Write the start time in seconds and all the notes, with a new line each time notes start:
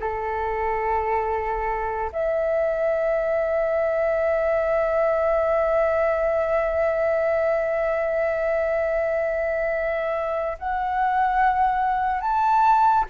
0.00 A4
2.12 E5
10.59 F#5
12.21 A5